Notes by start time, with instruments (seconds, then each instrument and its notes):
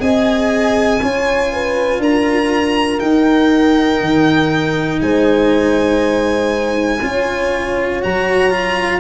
0.00 tuba C4, cello G#4, horn D#5, violin G#5
1.02 tuba C#4, cello F4, horn C#5
1.53 horn B4
1.99 tuba D4, horn A#4, violin A#5
2.99 cello D#4, tuba D#4, violin G5
4.01 tuba D#3
5.02 tuba G#3, horn C5, violin G#5
7.02 tuba C#4, cello F4, horn C#5
8.02 tuba F#3, cello F#4, violin A#5
8.50 cello F4